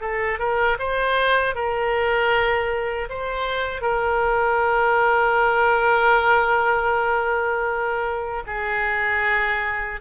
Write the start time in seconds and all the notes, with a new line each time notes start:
0.00 A4
0.39 A#4
0.78 C5
1.55 A#4
3.09 C5
3.81 A#4
8.46 G#4